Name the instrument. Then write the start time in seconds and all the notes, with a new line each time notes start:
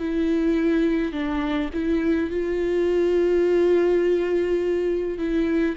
viola
0.00 E4
1.13 D4
1.74 E4
2.31 F4
5.19 E4